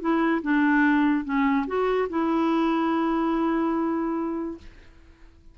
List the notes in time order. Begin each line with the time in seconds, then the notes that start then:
0.00 E4
0.42 D4
1.24 C#4
1.67 F#4
2.09 E4